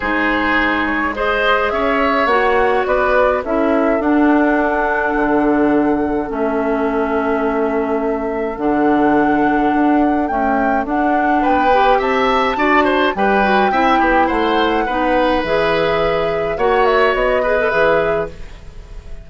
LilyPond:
<<
  \new Staff \with { instrumentName = "flute" } { \time 4/4 \tempo 4 = 105 c''4. cis''8 dis''4 e''4 | fis''4 d''4 e''4 fis''4~ | fis''2. e''4~ | e''2. fis''4~ |
fis''2 g''4 fis''4 | g''4 a''2 g''4~ | g''4 fis''2 e''4~ | e''4 fis''8 e''8 dis''4 e''4 | }
  \new Staff \with { instrumentName = "oboe" } { \time 4/4 gis'2 c''4 cis''4~ | cis''4 b'4 a'2~ | a'1~ | a'1~ |
a'1 | b'4 e''4 d''8 c''8 b'4 | e''8 g'8 c''4 b'2~ | b'4 cis''4. b'4. | }
  \new Staff \with { instrumentName = "clarinet" } { \time 4/4 dis'2 gis'2 | fis'2 e'4 d'4~ | d'2. cis'4~ | cis'2. d'4~ |
d'2 a4 d'4~ | d'8 g'4. fis'4 g'8 fis'8 | e'2 dis'4 gis'4~ | gis'4 fis'4. gis'16 a'16 gis'4 | }
  \new Staff \with { instrumentName = "bassoon" } { \time 4/4 gis2. cis'4 | ais4 b4 cis'4 d'4~ | d'4 d2 a4~ | a2. d4~ |
d4 d'4 cis'4 d'4 | b4 c'4 d'4 g4 | c'8 b8 a4 b4 e4~ | e4 ais4 b4 e4 | }
>>